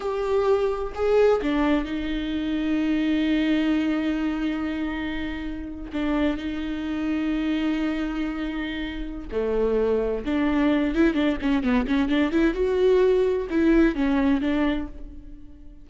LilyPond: \new Staff \with { instrumentName = "viola" } { \time 4/4 \tempo 4 = 129 g'2 gis'4 d'4 | dis'1~ | dis'1~ | dis'8. d'4 dis'2~ dis'16~ |
dis'1 | a2 d'4. e'8 | d'8 cis'8 b8 cis'8 d'8 e'8 fis'4~ | fis'4 e'4 cis'4 d'4 | }